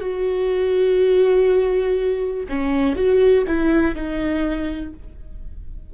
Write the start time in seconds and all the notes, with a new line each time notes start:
0.00 F#4
2.49 C#4
2.96 F#4
3.47 E4
3.95 D#4